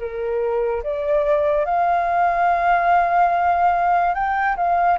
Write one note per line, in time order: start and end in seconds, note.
0.00 0.83 A#4
0.84 1.66 D5
1.66 4.15 F5
4.15 4.57 G5
4.57 4.99 F5